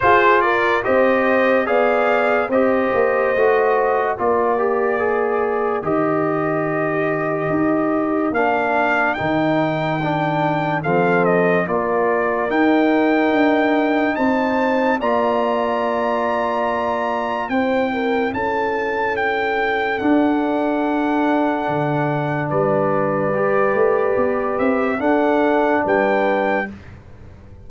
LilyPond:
<<
  \new Staff \with { instrumentName = "trumpet" } { \time 4/4 \tempo 4 = 72 c''8 d''8 dis''4 f''4 dis''4~ | dis''4 d''2 dis''4~ | dis''2 f''4 g''4~ | g''4 f''8 dis''8 d''4 g''4~ |
g''4 a''4 ais''2~ | ais''4 g''4 a''4 g''4 | fis''2. d''4~ | d''4. e''8 fis''4 g''4 | }
  \new Staff \with { instrumentName = "horn" } { \time 4/4 gis'8 ais'8 c''4 d''4 c''4~ | c''4 ais'2.~ | ais'1~ | ais'4 a'4 ais'2~ |
ais'4 c''4 d''2~ | d''4 c''8 ais'8 a'2~ | a'2. b'4~ | b'2 a'4 b'4 | }
  \new Staff \with { instrumentName = "trombone" } { \time 4/4 f'4 g'4 gis'4 g'4 | fis'4 f'8 g'8 gis'4 g'4~ | g'2 d'4 dis'4 | d'4 c'4 f'4 dis'4~ |
dis'2 f'2~ | f'4 e'2. | d'1 | g'2 d'2 | }
  \new Staff \with { instrumentName = "tuba" } { \time 4/4 f'4 c'4 b4 c'8 ais8 | a4 ais2 dis4~ | dis4 dis'4 ais4 dis4~ | dis4 f4 ais4 dis'4 |
d'4 c'4 ais2~ | ais4 c'4 cis'2 | d'2 d4 g4~ | g8 a8 b8 c'8 d'4 g4 | }
>>